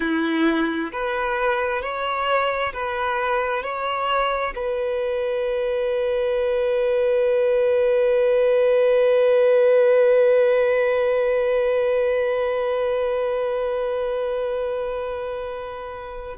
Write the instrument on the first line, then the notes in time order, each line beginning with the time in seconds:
violin
0.00 E4
0.91 B4
1.81 C#5
2.73 B4
3.63 C#5
4.55 B4